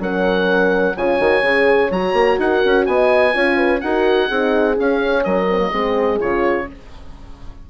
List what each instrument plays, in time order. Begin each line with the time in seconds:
0.00 bassoon F#3, horn C#4 A#4, oboe F#5
0.96 bassoon C#3, horn F4 C#5, oboe G#5
1.19 bassoon D#3, horn F#4
1.42 bassoon C#3, horn G#4
1.91 bassoon F#3, horn F#4, oboe A#5
2.13 bassoon A#3
2.39 bassoon D#4, horn A#4, oboe F#5
2.66 bassoon C#4
2.86 bassoon B3, horn D#5, oboe G#5
3.34 bassoon C#4, horn F4 C#5
3.57 horn B4
3.81 bassoon D#4, horn F#4 A#4, oboe F#5
4.27 bassoon C4, horn D#4 G#4
4.75 horn C#4, bassoon C#4, oboe F5
5.24 bassoon F#3, horn A#4, oboe D#5
5.50 horn C4
5.59 horn A#3
5.72 bassoon G#3, horn C4 G#4
6.20 bassoon C#3, horn F4, oboe C#5